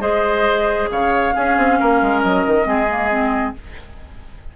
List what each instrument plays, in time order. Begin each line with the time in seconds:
0.00 bassoon G#3, clarinet G#4, oboe C5, flute D#5
0.91 bassoon C#3, oboe C#5, flute F5
1.35 clarinet C#4, bassoon C#4, oboe G#4
1.58 bassoon C4
1.80 bassoon A#3, oboe A#4
2.02 bassoon G#3
2.22 bassoon F#3, flute D#5
2.47 bassoon D#3
2.64 bassoon G#3, clarinet C4, oboe G#4
2.89 clarinet A#3
3.10 clarinet C4